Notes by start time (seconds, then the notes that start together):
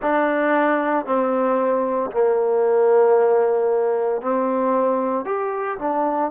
0.02 D4
1.05 C4
2.11 A#3
4.21 C4
5.25 G4
5.78 D4